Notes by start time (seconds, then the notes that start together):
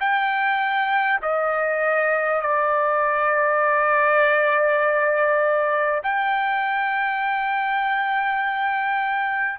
0.00 G5
1.22 D#5
2.42 D5
6.03 G5